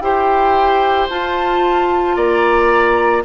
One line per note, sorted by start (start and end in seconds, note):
0.00 1.07 E4
0.00 1.09 G4
0.00 2.16 C5
0.00 1.07 G5
1.09 2.16 F4
1.09 3.24 F4
1.09 2.16 A5
2.16 3.23 A#3
2.16 3.23 D5
2.16 3.23 A#5